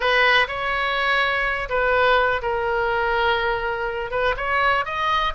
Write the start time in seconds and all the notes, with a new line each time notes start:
0.00 B4
0.47 C#5
1.69 B4
2.42 A#4
4.10 B4
4.36 C#5
4.85 D#5